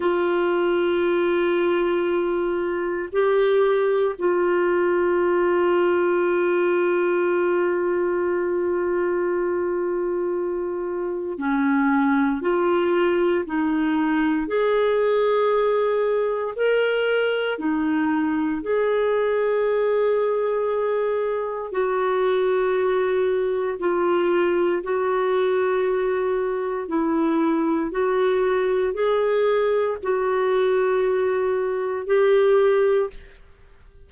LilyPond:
\new Staff \with { instrumentName = "clarinet" } { \time 4/4 \tempo 4 = 58 f'2. g'4 | f'1~ | f'2. cis'4 | f'4 dis'4 gis'2 |
ais'4 dis'4 gis'2~ | gis'4 fis'2 f'4 | fis'2 e'4 fis'4 | gis'4 fis'2 g'4 | }